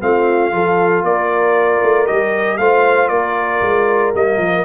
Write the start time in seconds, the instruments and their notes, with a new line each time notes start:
0.00 tuba A3, trombone C4, horn F4, trumpet F5
0.52 tuba F3, trombone F4, horn A4
1.04 tuba A#3, horn A#4, trumpet D5
1.82 tuba A3
2.07 tuba G3, trombone G4, trumpet D#5
2.58 tuba A3, trombone F4, horn C5, trumpet F5
3.08 tuba A#3, horn A#4, trumpet D5
3.61 tuba G#3
4.15 tuba G3, trombone A#3, trumpet D#5
4.37 tuba F3